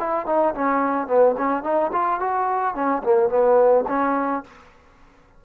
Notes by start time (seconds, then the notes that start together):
0.00 E4
0.27 D#4
0.55 C#4
1.08 B3
1.38 C#4
1.64 D#4
1.93 F4
2.21 F#4
2.75 C#4
3.04 A#3
3.30 B3
3.89 C#4